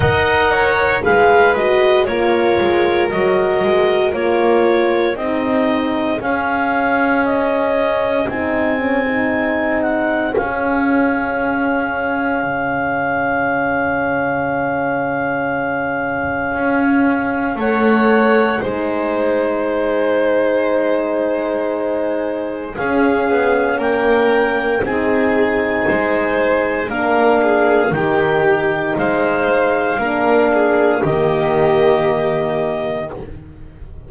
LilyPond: <<
  \new Staff \with { instrumentName = "clarinet" } { \time 4/4 \tempo 4 = 58 fis''4 f''8 dis''8 cis''4 dis''4 | cis''4 dis''4 f''4 dis''4 | gis''4. fis''8 f''2~ | f''1~ |
f''4 fis''4 gis''2~ | gis''2 f''4 g''4 | gis''2 f''4 g''4 | f''2 dis''2 | }
  \new Staff \with { instrumentName = "violin" } { \time 4/4 dis''8 cis''8 b'4 ais'2~ | ais'4 gis'2.~ | gis'1~ | gis'1~ |
gis'4 cis''4 c''2~ | c''2 gis'4 ais'4 | gis'4 c''4 ais'8 gis'8 g'4 | c''4 ais'8 gis'8 g'2 | }
  \new Staff \with { instrumentName = "horn" } { \time 4/4 ais'4 gis'8 fis'8 f'4 fis'4 | f'4 dis'4 cis'2 | dis'8 cis'16 dis'4~ dis'16 cis'2~ | cis'1~ |
cis'4 a'4 dis'2~ | dis'2 cis'2 | dis'2 d'4 dis'4~ | dis'4 d'4 ais2 | }
  \new Staff \with { instrumentName = "double bass" } { \time 4/4 dis'4 gis4 ais8 gis8 fis8 gis8 | ais4 c'4 cis'2 | c'2 cis'2 | cis1 |
cis'4 a4 gis2~ | gis2 cis'8 b8 ais4 | c'4 gis4 ais4 dis4 | gis4 ais4 dis2 | }
>>